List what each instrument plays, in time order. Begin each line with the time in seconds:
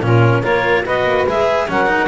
0.00 double bass A#2, cello C#4, saxophone F4, clarinet A#4
0.41 double bass A#3, cello F4, saxophone A#4, clarinet C#5
0.85 double bass B3, cello F#4, saxophone B4, clarinet D#5
1.05 double bass A#3
1.27 double bass G#3, cello G#4, clarinet E5
1.68 double bass F#3, cello C#4, saxophone A#4, clarinet F#5
1.86 cello D#4